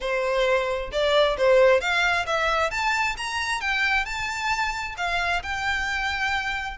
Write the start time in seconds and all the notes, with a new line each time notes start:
0.00 C5
0.91 D5
1.37 C5
1.80 F5
2.26 E5
2.70 A5
3.17 A#5
3.60 G5
4.05 A5
4.97 F5
5.43 G5